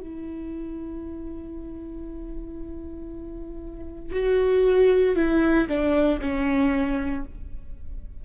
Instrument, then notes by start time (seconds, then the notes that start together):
viola
0.00 E4
4.13 F#4
5.16 E4
5.68 D4
6.22 C#4